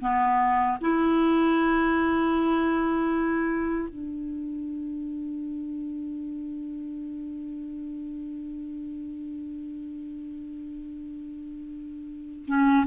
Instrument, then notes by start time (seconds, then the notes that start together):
clarinet
0.00 B3
0.80 E4
3.89 D4
12.47 C#4